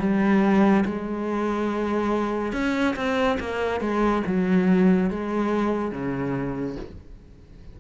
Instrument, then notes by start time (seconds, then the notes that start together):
cello
0.00 G3
0.86 G#3
2.53 C#4
2.96 C4
3.40 A#3
3.81 G#3
4.27 F#3
5.11 G#3
5.92 C#3